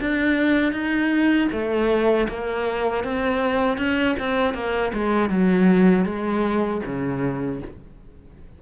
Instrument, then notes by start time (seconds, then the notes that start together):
cello
0.00 D4
0.72 D#4
1.52 A3
2.28 A#3
3.03 C4
3.77 C#4
4.19 C4
4.54 A#3
4.93 G#3
5.29 F#3
6.05 G#3
6.85 C#3